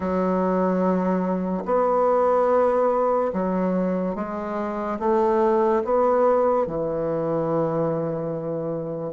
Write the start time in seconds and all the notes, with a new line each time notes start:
0.00 F#3
1.65 B3
3.33 F#3
4.15 G#3
4.99 A3
5.84 B3
6.67 E3